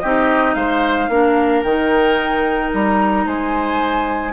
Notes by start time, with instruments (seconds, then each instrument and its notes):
0.00 bassoon C4, clarinet D#4, oboe G4, flute D#5
0.54 bassoon G#3, oboe C5, flute F5
1.08 bassoon A#3, clarinet D4, oboe A#4
1.63 bassoon D#3, clarinet D#4, flute G5
2.73 bassoon G3, flute A#5
3.25 bassoon G#3, oboe C5, flute G#5